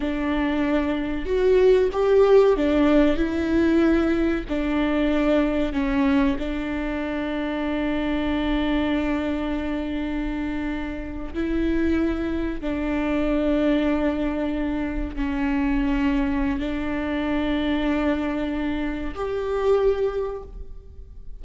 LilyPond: \new Staff \with { instrumentName = "viola" } { \time 4/4 \tempo 4 = 94 d'2 fis'4 g'4 | d'4 e'2 d'4~ | d'4 cis'4 d'2~ | d'1~ |
d'4.~ d'16 e'2 d'16~ | d'2.~ d'8. cis'16~ | cis'2 d'2~ | d'2 g'2 | }